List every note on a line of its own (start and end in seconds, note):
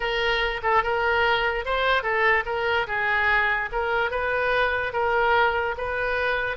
0.00 0.61 A#4
0.62 0.83 A4
0.83 1.65 A#4
1.65 2.02 C5
2.02 2.44 A4
2.45 2.86 A#4
2.87 3.69 G#4
3.72 4.10 A#4
4.10 4.92 B4
4.93 5.75 A#4
5.77 6.56 B4